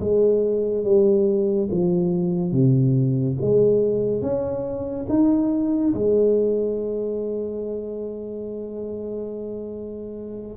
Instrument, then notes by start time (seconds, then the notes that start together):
tuba
0.00 G#3
0.84 G3
1.71 F3
2.52 C3
3.41 G#3
4.22 C#4
5.09 D#4
5.94 G#3